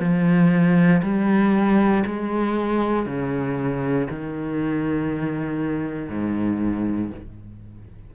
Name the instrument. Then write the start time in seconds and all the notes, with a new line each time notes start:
cello
0.00 F3
1.03 G3
2.06 G#3
3.06 C#3
4.10 D#3
6.09 G#2